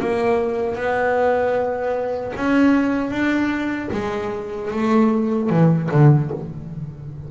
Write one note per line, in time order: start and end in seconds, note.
0.00 0.75 A#3
0.75 2.33 B3
2.36 3.10 C#4
3.10 3.89 D4
3.92 4.71 G#3
4.71 5.50 A3
5.50 5.90 E3
5.91 6.31 D3